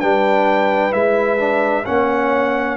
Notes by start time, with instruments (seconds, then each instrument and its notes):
0.00 tuba G3, trombone D4, horn B4, trumpet G5
0.91 tuba G#3, trombone E4, trumpet E5
1.37 trombone D4
1.86 tuba A#3, trombone C#4, horn C#5, trumpet F#5